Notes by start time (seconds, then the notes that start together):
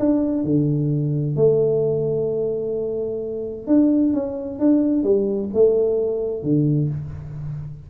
0.00 D4
0.44 D3
1.37 A3
3.68 D4
4.14 C#4
4.60 D4
5.04 G3
5.54 A3
6.43 D3